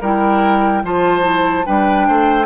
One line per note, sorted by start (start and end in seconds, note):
0.00 0.83 G3
0.00 0.83 E4
0.00 0.82 A#4
0.00 0.85 G5
0.83 1.65 F3
0.83 1.22 F4
0.83 1.66 C5
0.83 1.65 A5
1.22 1.63 E4
1.65 2.08 G3
1.65 2.45 D4
1.65 2.07 B4
1.65 2.45 G5
2.07 2.45 A3
2.07 2.45 C5